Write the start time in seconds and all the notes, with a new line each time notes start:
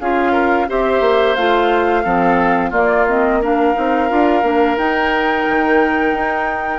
0.00 C#4 F4 G#4 F5
0.32 A#4
0.68 C4 G4 C5 E5
1.00 A#3
1.35 A3 F4 F5
2.04 F3 C4 A4
2.70 A#3 F4 D5
3.08 C4 D#5
3.42 D4 A#4 F5
3.74 C4 D#4
4.09 D4 F4
4.43 A#3 D4
4.77 D#4 G5
5.49 D#3
6.13 D#4